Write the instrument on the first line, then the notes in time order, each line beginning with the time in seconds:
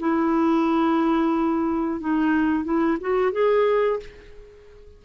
clarinet
0.00 E4
2.01 D#4
2.64 E4
3.01 F#4
3.32 G#4